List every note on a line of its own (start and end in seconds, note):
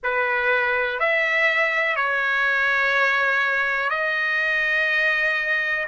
0.03 0.99 B4
0.99 1.96 E5
1.96 3.90 C#5
3.90 5.87 D#5